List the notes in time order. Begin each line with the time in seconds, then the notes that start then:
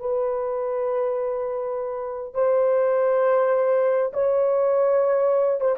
0.00 B4
2.34 C5
4.13 C#5
5.61 C5